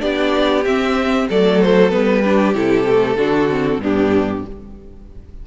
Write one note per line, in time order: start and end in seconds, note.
0.00 0.66 B3
0.00 0.63 D4
0.00 1.28 G4
0.00 0.65 D5
0.65 1.29 C4
0.65 1.30 C4
0.65 1.28 E5
1.29 1.94 F#3
1.29 1.91 A3
1.29 2.23 A4
1.29 1.62 D5
1.62 1.91 C5
1.91 2.55 G3
1.91 2.22 B3
1.91 2.54 B4
2.23 2.55 D4
2.23 3.17 G4
2.55 3.17 C3
2.55 2.86 E4
2.55 3.83 A4
2.88 3.17 A3
3.17 3.79 D3
3.17 3.49 D4
3.17 3.81 F#4
3.50 3.81 C4
3.79 4.42 G2
3.79 4.46 B3
3.79 4.46 D4
3.79 4.47 G4